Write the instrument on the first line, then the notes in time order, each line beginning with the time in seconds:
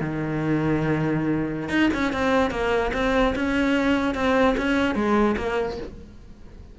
cello
0.00 D#3
1.69 D#4
1.94 C#4
2.13 C4
2.51 A#3
2.93 C4
3.35 C#4
4.15 C4
4.57 C#4
4.95 G#3
5.37 A#3